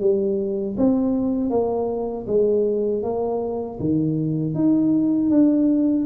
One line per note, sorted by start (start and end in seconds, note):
0.00 0.76 G3
0.77 1.50 C4
1.50 2.26 A#3
2.27 3.03 G#3
3.03 3.79 A#3
3.79 4.54 D#3
4.54 5.30 D#4
5.30 6.06 D4